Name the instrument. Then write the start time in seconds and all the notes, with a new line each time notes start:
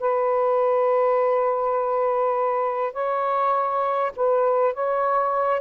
saxophone
0.00 B4
2.93 C#5
4.16 B4
4.74 C#5